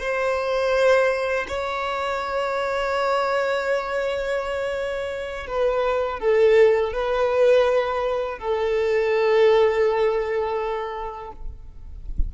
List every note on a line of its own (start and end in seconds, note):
0.00 1.46 C5
1.48 5.47 C#5
5.47 6.20 B4
6.20 6.93 A4
6.93 8.39 B4
8.39 11.31 A4